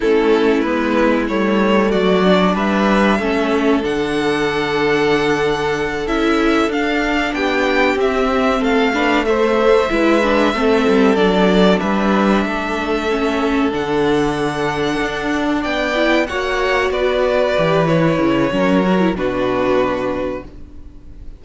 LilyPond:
<<
  \new Staff \with { instrumentName = "violin" } { \time 4/4 \tempo 4 = 94 a'4 b'4 cis''4 d''4 | e''2 fis''2~ | fis''4. e''4 f''4 g''8~ | g''8 e''4 f''4 e''4.~ |
e''4. d''4 e''4.~ | e''4. fis''2~ fis''8~ | fis''8 g''4 fis''4 d''4. | cis''2 b'2 | }
  \new Staff \with { instrumentName = "violin" } { \time 4/4 e'2. fis'4 | b'4 a'2.~ | a'2.~ a'8 g'8~ | g'4. a'8 b'8 c''4 b'8~ |
b'8 a'2 b'4 a'8~ | a'1~ | a'8 d''4 cis''4 b'4.~ | b'4 ais'4 fis'2 | }
  \new Staff \with { instrumentName = "viola" } { \time 4/4 cis'4 b4 a4. d'8~ | d'4 cis'4 d'2~ | d'4. e'4 d'4.~ | d'8 c'4. d'8 a4 e'8 |
d'8 c'4 d'2~ d'8~ | d'8 cis'4 d'2~ d'8~ | d'4 e'8 fis'2 g'8 | e'4 cis'8 fis'16 e'16 d'2 | }
  \new Staff \with { instrumentName = "cello" } { \time 4/4 a4 gis4 g4 fis4 | g4 a4 d2~ | d4. cis'4 d'4 b8~ | b8 c'4 a2 gis8~ |
gis8 a8 g8 fis4 g4 a8~ | a4. d2 d'8~ | d'8 b4 ais4 b4 e8~ | e8 cis8 fis4 b,2 | }
>>